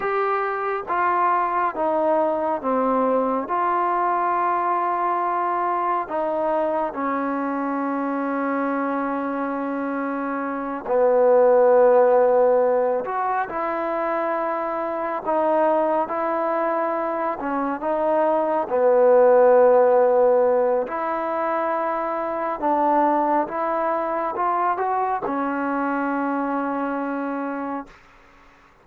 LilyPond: \new Staff \with { instrumentName = "trombone" } { \time 4/4 \tempo 4 = 69 g'4 f'4 dis'4 c'4 | f'2. dis'4 | cis'1~ | cis'8 b2~ b8 fis'8 e'8~ |
e'4. dis'4 e'4. | cis'8 dis'4 b2~ b8 | e'2 d'4 e'4 | f'8 fis'8 cis'2. | }